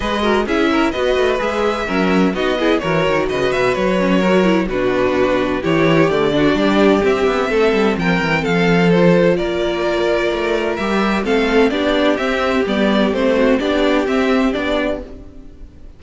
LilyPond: <<
  \new Staff \with { instrumentName = "violin" } { \time 4/4 \tempo 4 = 128 dis''4 e''4 dis''4 e''4~ | e''4 dis''4 cis''4 dis''8 e''8 | cis''2 b'2 | cis''4 d''2 e''4~ |
e''4 g''4 f''4 c''4 | d''2. e''4 | f''4 d''4 e''4 d''4 | c''4 d''4 e''4 d''4 | }
  \new Staff \with { instrumentName = "violin" } { \time 4/4 b'8 ais'8 gis'8 ais'8 b'2 | ais'4 fis'8 gis'8 ais'4 b'4~ | b'4 ais'4 fis'2 | g'4. fis'8 g'2 |
a'4 ais'4 a'2 | ais'1 | a'4 g'2.~ | g'8 fis'8 g'2. | }
  \new Staff \with { instrumentName = "viola" } { \time 4/4 gis'8 fis'8 e'4 fis'4 gis'4 | cis'4 dis'8 e'8 fis'2~ | fis'8 cis'8 fis'8 e'8 d'2 | e'4 a8 d'4. c'4~ |
c'2. f'4~ | f'2. g'4 | c'4 d'4 c'4 b4 | c'4 d'4 c'4 d'4 | }
  \new Staff \with { instrumentName = "cello" } { \time 4/4 gis4 cis'4 b8 a8 gis4 | fis4 b4 e8 dis8 cis8 b,8 | fis2 b,2 | e4 d4 g4 c'8 b8 |
a8 g8 f8 e8 f2 | ais2 a4 g4 | a4 b4 c'4 g4 | a4 b4 c'4 b4 | }
>>